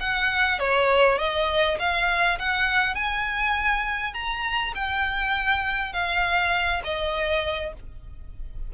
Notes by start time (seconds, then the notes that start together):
0.00 F#5
0.59 C#5
1.18 D#5
1.79 F5
2.38 F#5
2.95 G#5
4.13 A#5
4.74 G5
5.93 F5
6.84 D#5